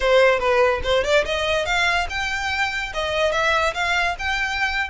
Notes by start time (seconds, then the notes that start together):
0.00 C5
0.39 B4
0.83 C5
1.04 D5
1.25 D#5
1.65 F5
2.09 G5
2.93 D#5
3.32 E5
3.74 F5
4.18 G5